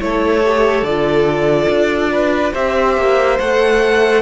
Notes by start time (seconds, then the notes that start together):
0.00 A3 E4 A4 C#5
0.45 G4
0.83 D3 F4 D5
1.69 D4
2.12 B4
2.53 C4 G4 C5 E5
2.97 A#3
3.39 A3 A4 F#5